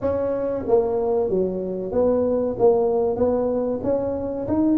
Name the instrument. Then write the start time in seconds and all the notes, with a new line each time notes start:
tuba
0.01 C#4
0.67 A#3
1.29 F#3
1.91 B3
2.58 A#3
3.16 B3
3.83 C#4
4.47 D#4